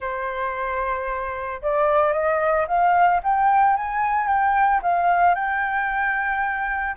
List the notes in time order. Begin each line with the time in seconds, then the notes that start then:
0.00 C5
1.61 D5
2.12 D#5
2.67 F5
3.23 G5
3.76 G#5
4.27 G5
4.82 F5
5.34 G5